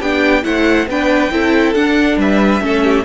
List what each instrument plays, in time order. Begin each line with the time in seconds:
0.00 cello B3, viola D4, violin G4 G5
0.44 cello A3, viola E4, violin C5 F#5
0.87 cello B3, viola D4, violin B4 G5
1.32 cello C4, viola E4, violin A4
1.75 viola D4, cello D4, violin F#5
2.17 cello G3, violin B4 E5
2.61 cello A3, viola C#4, violin A4
2.84 violin G4